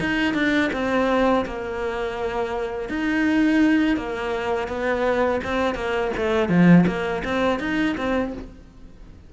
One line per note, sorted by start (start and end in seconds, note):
0.00 0.34 D#4
0.34 0.70 D4
0.73 1.45 C4
1.46 2.89 A#3
2.89 3.97 D#4
3.97 4.68 A#3
4.68 5.41 B3
5.44 5.75 C4
5.75 6.11 A#3
6.17 6.49 A3
6.49 6.85 F3
6.87 7.23 A#3
7.25 7.60 C4
7.60 7.96 D#4
7.97 8.33 C4